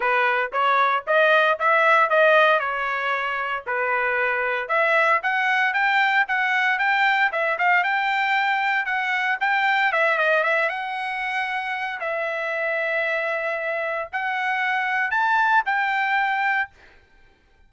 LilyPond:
\new Staff \with { instrumentName = "trumpet" } { \time 4/4 \tempo 4 = 115 b'4 cis''4 dis''4 e''4 | dis''4 cis''2 b'4~ | b'4 e''4 fis''4 g''4 | fis''4 g''4 e''8 f''8 g''4~ |
g''4 fis''4 g''4 e''8 dis''8 | e''8 fis''2~ fis''8 e''4~ | e''2. fis''4~ | fis''4 a''4 g''2 | }